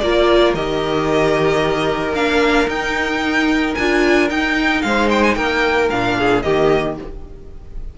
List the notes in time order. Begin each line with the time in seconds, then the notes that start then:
0.00 A#3 F4 A#4 D5
0.54 D#3 G4 D#5
2.13 A#3 D4 F5
2.68 D#4 G5
3.75 D4 F4 G#5
4.30 D#4 G5
4.82 G#3 C5 F5
5.11 G5
5.23 G#5
5.35 A#3 A#4 G5
5.90 A#2 D4 F5
6.18 G#4
6.42 D#3 A#3 G4 D#5